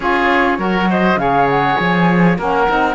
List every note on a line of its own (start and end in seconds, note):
0.00 0.58 C#4
0.00 0.58 F4
0.00 0.58 G#4
0.00 0.87 C#5
0.58 1.16 F#3
0.58 1.17 F#4
0.58 0.89 A#4
0.89 1.19 C5
0.89 1.18 D#5
1.16 1.75 C#3
1.16 2.36 G#4
1.16 2.38 C#5
1.16 1.48 F5
1.49 1.77 F#5
1.77 2.38 F3
1.77 2.36 G#5
2.37 2.68 A#3
2.37 2.67 C#4
2.37 2.95 A#4
2.37 2.95 F#5
2.67 2.95 C4
2.67 2.95 D#4